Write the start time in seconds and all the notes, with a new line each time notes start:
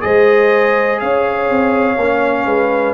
0.00 G#3 G#4 C5 D#5
1.00 C#4 C#5 F5
1.50 C4
1.98 A#3 C#4
2.45 G#3 B4